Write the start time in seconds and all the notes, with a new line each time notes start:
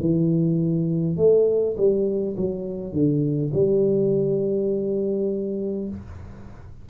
0.00 E3
1.17 A3
1.77 G3
2.37 F#3
2.93 D3
3.53 G3